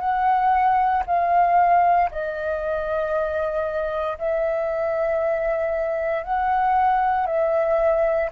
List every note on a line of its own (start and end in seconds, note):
0.00 1.03 F#5
1.07 2.10 F5
2.12 4.18 D#5
4.18 6.24 E5
6.24 7.27 F#5
7.27 8.30 E5